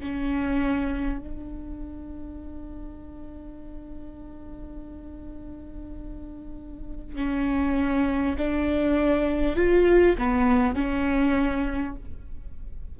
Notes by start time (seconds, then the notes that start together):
0.00 C#4
1.19 D4
7.16 C#4
8.37 D4
9.56 F4
10.18 B3
10.75 C#4